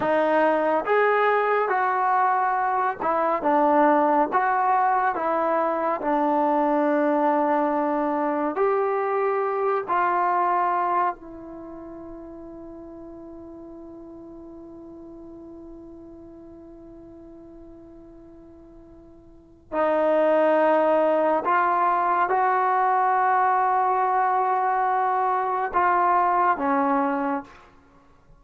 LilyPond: \new Staff \with { instrumentName = "trombone" } { \time 4/4 \tempo 4 = 70 dis'4 gis'4 fis'4. e'8 | d'4 fis'4 e'4 d'4~ | d'2 g'4. f'8~ | f'4 e'2.~ |
e'1~ | e'2. dis'4~ | dis'4 f'4 fis'2~ | fis'2 f'4 cis'4 | }